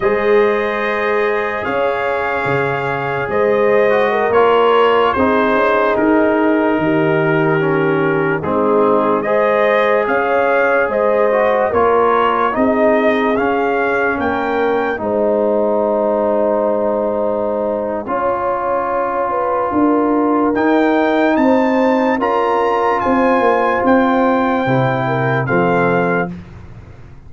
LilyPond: <<
  \new Staff \with { instrumentName = "trumpet" } { \time 4/4 \tempo 4 = 73 dis''2 f''2 | dis''4~ dis''16 cis''4 c''4 ais'8.~ | ais'2~ ais'16 gis'4 dis''8.~ | dis''16 f''4 dis''4 cis''4 dis''8.~ |
dis''16 f''4 g''4 gis''4.~ gis''16~ | gis''1~ | gis''4 g''4 a''4 ais''4 | gis''4 g''2 f''4 | }
  \new Staff \with { instrumentName = "horn" } { \time 4/4 c''2 cis''2 | c''4 ais'4~ ais'16 gis'4.~ gis'16~ | gis'16 g'2 dis'4 c''8.~ | c''16 cis''4 c''4 ais'4 gis'8.~ |
gis'4~ gis'16 ais'4 c''4.~ c''16~ | c''2 cis''4. b'8 | ais'2 c''4 ais'4 | c''2~ c''8 ais'8 a'4 | }
  \new Staff \with { instrumentName = "trombone" } { \time 4/4 gis'1~ | gis'8. fis'8 f'4 dis'4.~ dis'16~ | dis'4~ dis'16 cis'4 c'4 gis'8.~ | gis'4.~ gis'16 fis'8 f'4 dis'8.~ |
dis'16 cis'2 dis'4.~ dis'16~ | dis'2 f'2~ | f'4 dis'2 f'4~ | f'2 e'4 c'4 | }
  \new Staff \with { instrumentName = "tuba" } { \time 4/4 gis2 cis'4 cis4 | gis4~ gis16 ais4 c'8 cis'8 dis'8.~ | dis'16 dis2 gis4.~ gis16~ | gis16 cis'4 gis4 ais4 c'8.~ |
c'16 cis'4 ais4 gis4.~ gis16~ | gis2 cis'2 | d'4 dis'4 c'4 cis'4 | c'8 ais8 c'4 c4 f4 | }
>>